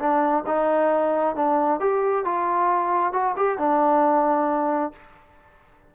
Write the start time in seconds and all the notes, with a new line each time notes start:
0.00 D4
0.47 D#4
1.36 D4
1.81 G4
2.25 F4
3.13 F#4
3.37 G4
3.59 D4